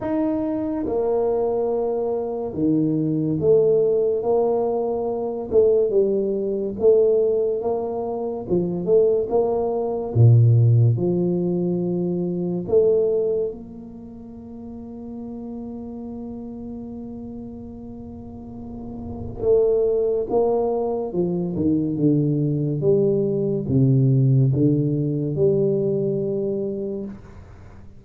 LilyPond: \new Staff \with { instrumentName = "tuba" } { \time 4/4 \tempo 4 = 71 dis'4 ais2 dis4 | a4 ais4. a8 g4 | a4 ais4 f8 a8 ais4 | ais,4 f2 a4 |
ais1~ | ais2. a4 | ais4 f8 dis8 d4 g4 | c4 d4 g2 | }